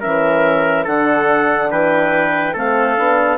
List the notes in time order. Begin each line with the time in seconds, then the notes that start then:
0.00 E3 C#4 A#4 E5
0.83 D3 D4 A4 F#5
1.70 E3 B4 G5
2.53 A3 C4 A4 F5
2.96 B3 D4